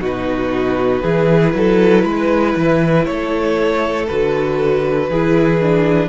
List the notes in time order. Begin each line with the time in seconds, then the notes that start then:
0.00 B2 D#4 F#4 B4
1.02 E3 E4 G#4
1.54 F#3 A4
2.04 G#3 B4
2.56 E3
3.04 A3 A4 C#5
4.07 D3 F#4 B4
5.09 E3 E4 G#4
5.61 D4